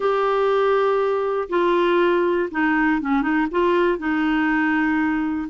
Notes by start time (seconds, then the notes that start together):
0.00 G4
1.49 F4
2.51 D#4
3.01 C#4
3.21 D#4
3.51 F4
3.98 D#4